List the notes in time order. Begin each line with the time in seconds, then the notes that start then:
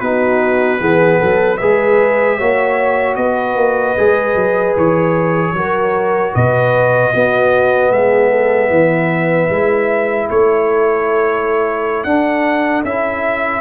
0.00 B3 D#4 F#4 B4
0.79 E3 B3 G#4
1.19 F#3 A4
1.57 G#3 G#4 B4 E5
2.38 A#3 F#4 C#5
3.15 B3 B4 D#5
3.56 A#3
3.97 G#3 G#4
4.35 F#3
4.77 E3 C#5
5.53 F#3 F#4 A#4
6.34 B2 B4 D#5
7.14 B3 F#4
7.91 G#3 G#4 E5
8.30 A4
8.70 E3 B4
9.50 G#3 E4
10.29 A3 A4 C#5
12.04 D4 F#5
12.84 C#4 E4 E5